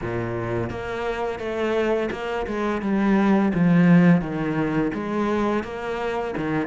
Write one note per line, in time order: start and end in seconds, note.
0.01 0.70 A#2
0.70 1.39 A#3
1.39 2.09 A3
2.11 2.46 A#3
2.46 2.81 G#3
2.81 3.52 G3
3.54 4.21 F3
4.21 4.91 D#3
4.93 5.63 G#3
5.63 6.34 A#3
6.37 6.67 D#3